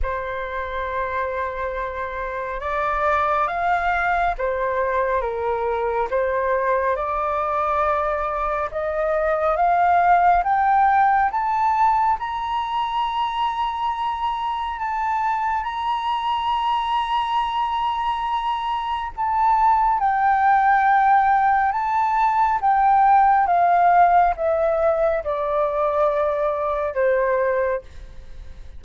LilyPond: \new Staff \with { instrumentName = "flute" } { \time 4/4 \tempo 4 = 69 c''2. d''4 | f''4 c''4 ais'4 c''4 | d''2 dis''4 f''4 | g''4 a''4 ais''2~ |
ais''4 a''4 ais''2~ | ais''2 a''4 g''4~ | g''4 a''4 g''4 f''4 | e''4 d''2 c''4 | }